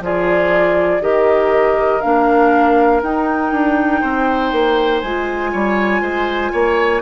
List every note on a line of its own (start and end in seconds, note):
0.00 1.00 F3
0.00 1.01 F4
0.00 1.03 G#4
0.00 1.02 D5
1.01 2.01 D#3
1.01 2.01 G4
1.01 4.01 A#4
1.01 2.01 D#5
2.01 3.02 A#3
2.01 3.02 D4
2.01 3.01 F5
3.02 3.52 D#4
3.02 5.04 D#4
3.02 5.00 G5
3.52 4.02 D4
4.01 4.52 C4
4.01 5.51 C5
4.52 5.02 A#3
5.00 5.53 G#3
5.00 7.02 F4
5.00 7.00 G#5
5.52 6.01 G3
5.52 6.02 C#5
6.01 6.51 G#3
6.01 6.52 C5
6.52 7.02 A#3
6.52 7.02 C#5